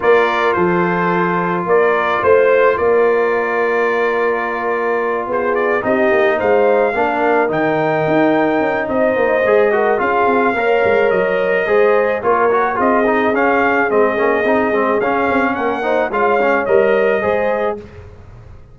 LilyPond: <<
  \new Staff \with { instrumentName = "trumpet" } { \time 4/4 \tempo 4 = 108 d''4 c''2 d''4 | c''4 d''2.~ | d''4. c''8 d''8 dis''4 f''8~ | f''4. g''2~ g''8 |
dis''2 f''2 | dis''2 cis''4 dis''4 | f''4 dis''2 f''4 | fis''4 f''4 dis''2 | }
  \new Staff \with { instrumentName = "horn" } { \time 4/4 ais'4 a'2 ais'4 | c''4 ais'2.~ | ais'4. gis'4 g'4 c''8~ | c''8 ais'2.~ ais'8 |
c''4. ais'8 gis'4 cis''4~ | cis''4 c''4 ais'4 gis'4~ | gis'1 | ais'8 c''8 cis''2 c''4 | }
  \new Staff \with { instrumentName = "trombone" } { \time 4/4 f'1~ | f'1~ | f'2~ f'8 dis'4.~ | dis'8 d'4 dis'2~ dis'8~ |
dis'4 gis'8 fis'8 f'4 ais'4~ | ais'4 gis'4 f'8 fis'8 f'8 dis'8 | cis'4 c'8 cis'8 dis'8 c'8 cis'4~ | cis'8 dis'8 f'8 cis'8 ais'4 gis'4 | }
  \new Staff \with { instrumentName = "tuba" } { \time 4/4 ais4 f2 ais4 | a4 ais2.~ | ais4. b4 c'8 ais8 gis8~ | gis8 ais4 dis4 dis'4 cis'8 |
c'8 ais8 gis4 cis'8 c'8 ais8 gis8 | fis4 gis4 ais4 c'4 | cis'4 gis8 ais8 c'8 gis8 cis'8 c'8 | ais4 gis4 g4 gis4 | }
>>